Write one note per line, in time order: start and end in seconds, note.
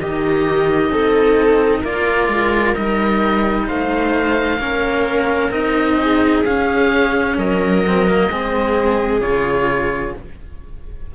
0.00 0.90 D#3
0.00 1.85 D#4
0.00 0.92 G4
0.00 1.85 D#5
0.90 1.83 C4
0.90 1.80 A4
1.80 2.28 A#3
1.80 2.74 F4
1.80 3.64 A#4
1.80 2.75 D5
2.28 2.74 G#3
2.74 3.69 G3
2.74 4.59 D#4
2.74 3.67 D#5
3.67 4.59 A3
3.67 4.59 C5
3.67 5.52 F5
4.59 5.51 A#3
4.59 5.52 C#4
4.59 5.97 A#4
5.51 6.43 C4
5.51 6.44 D#4
5.51 6.44 D#5
6.01 7.38 G#4
6.45 7.37 C#4
6.45 7.85 C#4
6.45 7.37 F5
7.37 8.28 F#3
7.37 8.30 A#4
7.37 9.21 D#5
7.87 8.07 C4
8.07 8.30 A#3
8.28 9.20 G#3
8.28 9.21 C4
8.28 10.15 G#4
9.21 10.13 C#3
9.21 10.14 F4
9.21 10.13 C#5